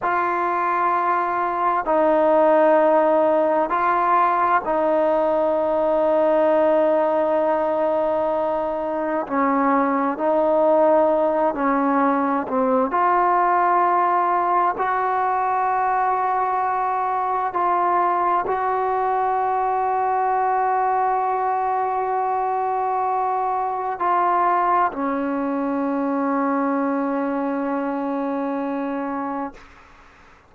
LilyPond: \new Staff \with { instrumentName = "trombone" } { \time 4/4 \tempo 4 = 65 f'2 dis'2 | f'4 dis'2.~ | dis'2 cis'4 dis'4~ | dis'8 cis'4 c'8 f'2 |
fis'2. f'4 | fis'1~ | fis'2 f'4 cis'4~ | cis'1 | }